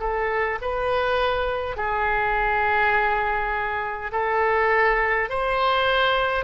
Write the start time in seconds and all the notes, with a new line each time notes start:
0.00 A4
0.61 B4
1.77 G#4
4.12 A4
5.29 C5